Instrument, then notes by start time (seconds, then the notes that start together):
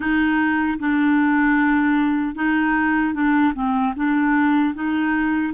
clarinet
0.00 D#4
0.79 D4
2.35 D#4
3.14 D4
3.54 C4
3.95 D4
4.74 D#4